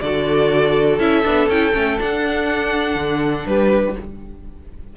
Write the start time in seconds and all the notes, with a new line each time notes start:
0.00 D3 F#4 A4 D5
0.99 C#4 E4 E5
1.24 B3 D4
1.48 C#4 E4 G5
1.72 A3 C#4
1.98 D4 F#5
2.95 D3
3.46 G3 G4 B4